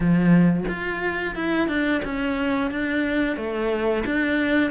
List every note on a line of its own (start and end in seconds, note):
0.00 0.64 F3
0.68 1.35 F4
1.35 1.68 E4
1.68 2.01 D4
2.04 2.70 C#4
2.70 3.36 D4
3.36 4.04 A3
4.05 4.70 D4